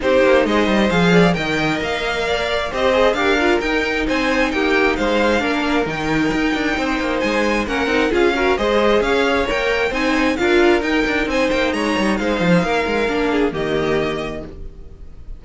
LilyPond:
<<
  \new Staff \with { instrumentName = "violin" } { \time 4/4 \tempo 4 = 133 c''4 dis''4 f''4 g''4 | f''2 dis''4 f''4 | g''4 gis''4 g''4 f''4~ | f''4 g''2. |
gis''4 fis''4 f''4 dis''4 | f''4 g''4 gis''4 f''4 | g''4 gis''8 g''8 ais''4 f''4~ | f''2 dis''2 | }
  \new Staff \with { instrumentName = "violin" } { \time 4/4 g'4 c''4. d''8 dis''4~ | dis''4 d''4 c''4 ais'4~ | ais'4 c''4 g'4 c''4 | ais'2. c''4~ |
c''4 ais'4 gis'8 ais'8 c''4 | cis''2 c''4 ais'4~ | ais'4 c''4 cis''4 c''4 | ais'4. gis'8 g'2 | }
  \new Staff \with { instrumentName = "viola" } { \time 4/4 dis'2 gis'4 ais'4~ | ais'2 g'8 gis'8 g'8 f'8 | dis'1 | d'4 dis'2.~ |
dis'4 cis'8 dis'8 f'8 fis'8 gis'4~ | gis'4 ais'4 dis'4 f'4 | dis'1~ | dis'4 d'4 ais2 | }
  \new Staff \with { instrumentName = "cello" } { \time 4/4 c'8 ais8 gis8 g8 f4 dis4 | ais2 c'4 d'4 | dis'4 c'4 ais4 gis4 | ais4 dis4 dis'8 d'8 c'8 ais8 |
gis4 ais8 c'8 cis'4 gis4 | cis'4 ais4 c'4 d'4 | dis'8 d'8 c'8 ais8 gis8 g8 gis8 f8 | ais8 gis8 ais4 dis2 | }
>>